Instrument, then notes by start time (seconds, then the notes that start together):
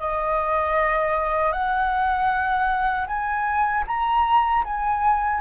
flute
0.00 D#5
1.52 F#5
3.07 G#5
3.87 A#5
4.64 G#5